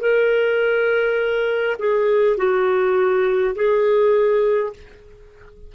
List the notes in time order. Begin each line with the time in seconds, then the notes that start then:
0.00 A#4
1.79 G#4
2.37 F#4
3.55 G#4